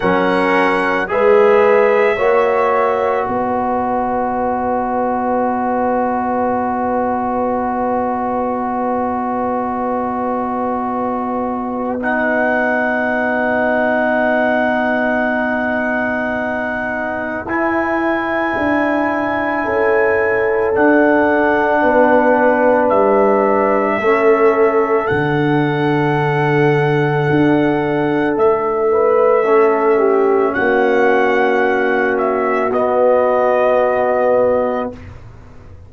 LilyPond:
<<
  \new Staff \with { instrumentName = "trumpet" } { \time 4/4 \tempo 4 = 55 fis''4 e''2 dis''4~ | dis''1~ | dis''2. fis''4~ | fis''1 |
gis''2. fis''4~ | fis''4 e''2 fis''4~ | fis''2 e''2 | fis''4. e''8 dis''2 | }
  \new Staff \with { instrumentName = "horn" } { \time 4/4 ais'4 b'4 cis''4 b'4~ | b'1~ | b'1~ | b'1~ |
b'2 a'2 | b'2 a'2~ | a'2~ a'8 b'8 a'8 g'8 | fis'1 | }
  \new Staff \with { instrumentName = "trombone" } { \time 4/4 cis'4 gis'4 fis'2~ | fis'1~ | fis'2. dis'4~ | dis'1 |
e'2. d'4~ | d'2 cis'4 d'4~ | d'2. cis'4~ | cis'2 b2 | }
  \new Staff \with { instrumentName = "tuba" } { \time 4/4 fis4 gis4 ais4 b4~ | b1~ | b1~ | b1 |
e'4 d'4 cis'4 d'4 | b4 g4 a4 d4~ | d4 d'4 a2 | ais2 b2 | }
>>